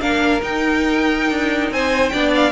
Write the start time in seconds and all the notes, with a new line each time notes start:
0.00 A#3 D4 A#4 F5
0.41 D#4 G5
1.30 D4
1.70 C4 C5 G#5
2.09 B3 D4 D5 G5
2.35 F5